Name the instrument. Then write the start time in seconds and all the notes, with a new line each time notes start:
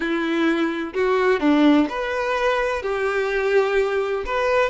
violin
0.00 E4
0.93 F#4
1.40 D4
1.89 B4
2.82 G4
4.25 B4